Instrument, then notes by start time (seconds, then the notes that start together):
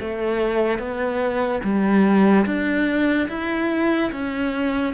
cello
0.00 A3
0.79 B3
1.64 G3
2.46 D4
3.29 E4
4.12 C#4